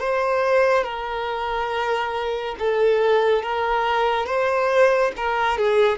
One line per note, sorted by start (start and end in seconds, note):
0.00 0.84 C5
0.84 2.56 A#4
2.59 3.43 A4
3.43 4.27 A#4
4.27 5.12 C5
5.17 5.58 A#4
5.58 5.98 G#4